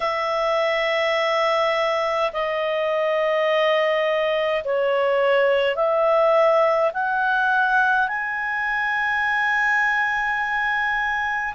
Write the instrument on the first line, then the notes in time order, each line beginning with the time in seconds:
clarinet
0.00 E5
2.32 D#5
4.64 C#5
5.75 E5
6.93 F#5
8.08 G#5